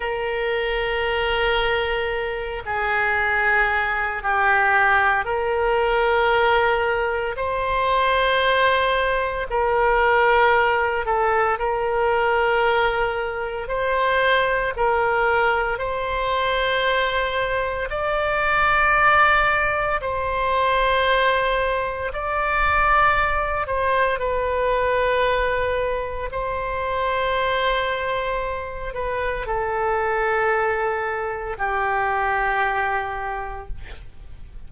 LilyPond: \new Staff \with { instrumentName = "oboe" } { \time 4/4 \tempo 4 = 57 ais'2~ ais'8 gis'4. | g'4 ais'2 c''4~ | c''4 ais'4. a'8 ais'4~ | ais'4 c''4 ais'4 c''4~ |
c''4 d''2 c''4~ | c''4 d''4. c''8 b'4~ | b'4 c''2~ c''8 b'8 | a'2 g'2 | }